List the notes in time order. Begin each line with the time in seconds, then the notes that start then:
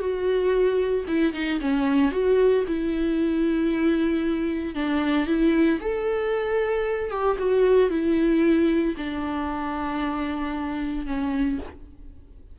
0.00 F#4
1.08 E4
1.34 D#4
1.61 C#4
2.12 F#4
2.67 E4
4.75 D4
5.27 E4
5.81 A4
7.11 G4
7.39 F#4
7.90 E4
8.98 D4
11.07 C#4